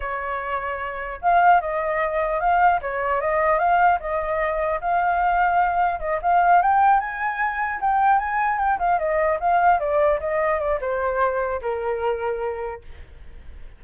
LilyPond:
\new Staff \with { instrumentName = "flute" } { \time 4/4 \tempo 4 = 150 cis''2. f''4 | dis''2 f''4 cis''4 | dis''4 f''4 dis''2 | f''2. dis''8 f''8~ |
f''8 g''4 gis''2 g''8~ | g''8 gis''4 g''8 f''8 dis''4 f''8~ | f''8 d''4 dis''4 d''8 c''4~ | c''4 ais'2. | }